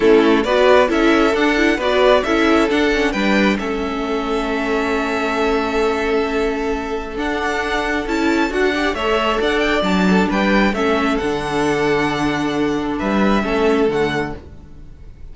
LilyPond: <<
  \new Staff \with { instrumentName = "violin" } { \time 4/4 \tempo 4 = 134 a'4 d''4 e''4 fis''4 | d''4 e''4 fis''4 g''4 | e''1~ | e''1 |
fis''2 a''4 fis''4 | e''4 fis''8 g''8 a''4 g''4 | e''4 fis''2.~ | fis''4 e''2 fis''4 | }
  \new Staff \with { instrumentName = "violin" } { \time 4/4 e'4 b'4 a'2 | b'4 a'2 b'4 | a'1~ | a'1~ |
a'2.~ a'8 d''8 | cis''4 d''4. a'8 b'4 | a'1~ | a'4 b'4 a'2 | }
  \new Staff \with { instrumentName = "viola" } { \time 4/4 cis'4 fis'4 e'4 d'8 e'8 | fis'4 e'4 d'8 cis'8 d'4 | cis'1~ | cis'1 |
d'2 e'4 fis'8 g'8 | a'2 d'2 | cis'4 d'2.~ | d'2 cis'4 a4 | }
  \new Staff \with { instrumentName = "cello" } { \time 4/4 a4 b4 cis'4 d'4 | b4 cis'4 d'4 g4 | a1~ | a1 |
d'2 cis'4 d'4 | a4 d'4 fis4 g4 | a4 d2.~ | d4 g4 a4 d4 | }
>>